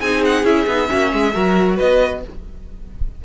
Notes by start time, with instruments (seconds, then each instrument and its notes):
0.00 cello C4, viola D#4, violin G#4 G#5
0.24 violin F#5
0.43 cello C#4, viola E4, violin E5
0.66 cello B3, viola D#4
0.86 cello A#3, viola C#4, violin F#4
1.12 cello G#3, violin G#4
1.33 cello F#3, viola F#4, violin A#4
1.76 cello B3, violin B4 D#5